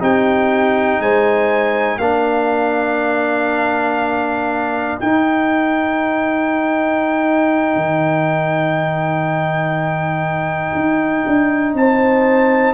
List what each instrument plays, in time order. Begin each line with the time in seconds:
0.00 tuba C4, trombone D#4, horn G4, trumpet G5
1.00 tuba G#3, horn C5, trumpet G#5
1.99 tuba A#3, trombone D4, horn A#4, trumpet F5
5.01 trombone D#4, tuba D#4, trumpet G5
7.76 tuba D#3
10.75 tuba D#4
11.27 tuba D4
11.74 tuba C4, horn C5, trumpet A5